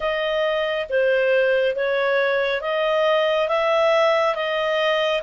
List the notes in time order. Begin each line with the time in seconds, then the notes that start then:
0.00 D#5
0.89 C5
1.75 C#5
2.61 D#5
3.48 E5
4.35 D#5